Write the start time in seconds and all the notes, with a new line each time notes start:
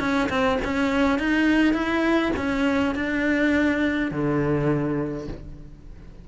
0.00 C#4
0.29 C4
0.65 C#4
1.19 D#4
1.74 E4
2.37 C#4
2.95 D4
4.11 D3